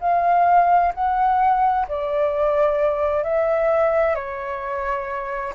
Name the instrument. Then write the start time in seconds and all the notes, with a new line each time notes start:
flute
0.00 F5
0.94 F#5
1.88 D5
3.23 E5
4.15 C#5